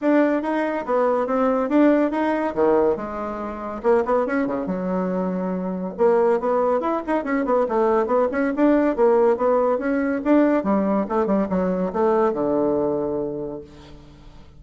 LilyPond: \new Staff \with { instrumentName = "bassoon" } { \time 4/4 \tempo 4 = 141 d'4 dis'4 b4 c'4 | d'4 dis'4 dis4 gis4~ | gis4 ais8 b8 cis'8 cis8 fis4~ | fis2 ais4 b4 |
e'8 dis'8 cis'8 b8 a4 b8 cis'8 | d'4 ais4 b4 cis'4 | d'4 g4 a8 g8 fis4 | a4 d2. | }